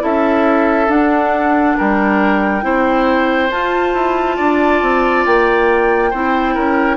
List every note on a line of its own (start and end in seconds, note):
0.00 0.88 C#4
0.00 0.87 E4
0.00 1.77 A4
0.00 0.90 E5
0.88 1.75 D4
0.88 2.62 D4
0.88 1.77 F#5
1.77 2.63 G3
1.77 2.64 A#4
1.77 3.50 G5
2.62 3.50 C4
2.62 3.49 E4
2.62 4.36 C5
3.50 3.94 F4
3.50 6.12 F4
3.50 5.24 A5
3.94 4.37 E4
4.36 4.82 D4
4.36 6.10 D5
4.82 5.25 C4
5.25 6.13 A#3
5.25 6.96 G5
6.10 6.56 C4
6.10 6.96 E4
6.10 6.54 C5
6.54 6.96 C#4
6.54 6.96 A#4